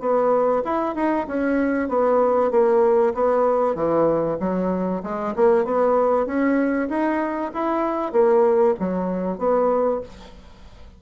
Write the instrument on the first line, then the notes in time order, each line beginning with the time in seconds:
bassoon
0.00 B3
0.65 E4
0.95 D#4
1.28 C#4
1.89 B3
2.51 A#3
3.14 B3
3.75 E3
4.40 F#3
5.03 G#3
5.36 A#3
5.65 B3
6.26 C#4
6.89 D#4
7.54 E4
8.12 A#3
8.80 F#3
9.39 B3